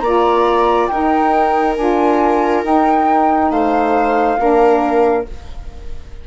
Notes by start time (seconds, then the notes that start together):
0.00 A#3 F4 D5 A#5
0.87 D#4 A#4 G5
1.77 D4 F4 G#5
2.64 D#4 G5
3.50 A3 C5 F5
4.38 A#3 D4 A#4